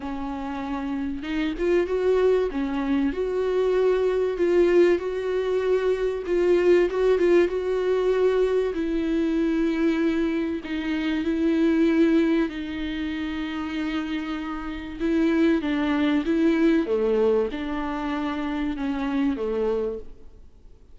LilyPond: \new Staff \with { instrumentName = "viola" } { \time 4/4 \tempo 4 = 96 cis'2 dis'8 f'8 fis'4 | cis'4 fis'2 f'4 | fis'2 f'4 fis'8 f'8 | fis'2 e'2~ |
e'4 dis'4 e'2 | dis'1 | e'4 d'4 e'4 a4 | d'2 cis'4 a4 | }